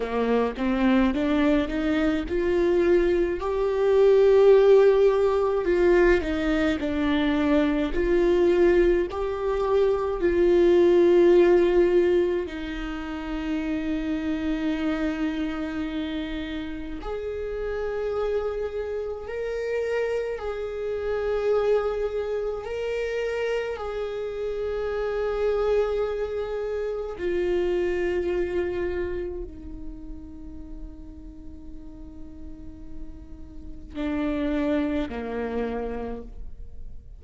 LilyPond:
\new Staff \with { instrumentName = "viola" } { \time 4/4 \tempo 4 = 53 ais8 c'8 d'8 dis'8 f'4 g'4~ | g'4 f'8 dis'8 d'4 f'4 | g'4 f'2 dis'4~ | dis'2. gis'4~ |
gis'4 ais'4 gis'2 | ais'4 gis'2. | f'2 dis'2~ | dis'2 d'4 ais4 | }